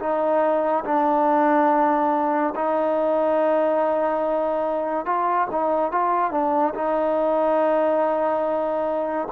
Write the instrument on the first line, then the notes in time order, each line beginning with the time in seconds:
trombone
0.00 D#4
0.85 D4
2.56 D#4
5.06 F4
5.52 D#4
5.92 F4
6.32 D4
6.75 D#4